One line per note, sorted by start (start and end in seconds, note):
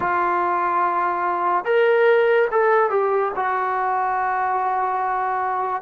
0.00 1.64 F4
1.64 2.48 A#4
2.51 2.90 A4
2.90 3.31 G4
3.35 5.82 F#4